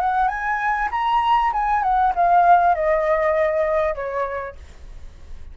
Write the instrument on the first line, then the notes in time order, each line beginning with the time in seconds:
flute
0.00 F#5
0.28 G#5
0.91 A#5
1.52 G#5
1.82 F#5
2.15 F5
2.75 D#5
3.94 C#5